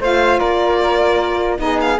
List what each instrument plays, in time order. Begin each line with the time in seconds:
0.00 cello A3, saxophone F4, flute C5, violin F5
0.39 cello A#3, flute A#4, violin D5
1.57 cello B3, saxophone D#4, flute G#4, violin D#5
1.81 violin F5